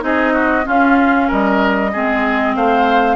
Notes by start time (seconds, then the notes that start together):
0.00 C4 D#4 G#4 D#5
0.34 F#4
0.64 C#4 F4 F5
1.28 G3 A#4 D#5
1.93 G#3 C4 G#4
2.56 A3 C5 F5